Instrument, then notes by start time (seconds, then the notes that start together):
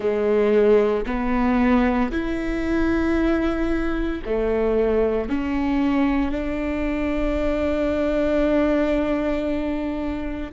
viola
0.00 G#3
1.05 B3
2.11 E4
4.25 A3
5.29 C#4
6.31 D4